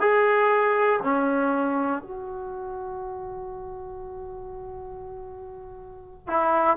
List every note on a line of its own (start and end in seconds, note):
0.00 1.00 G#4
1.03 2.02 C#4
2.02 6.27 F#4
6.27 6.77 E4